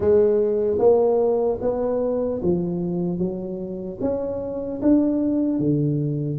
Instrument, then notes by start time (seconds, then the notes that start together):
tuba
0.00 G#3
0.78 A#3
1.61 B3
2.42 F3
3.18 F#3
4.00 C#4
4.82 D4
5.59 D3